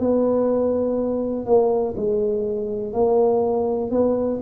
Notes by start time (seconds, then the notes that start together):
0.00 B3
1.46 A#3
1.97 G#3
2.93 A#3
3.91 B3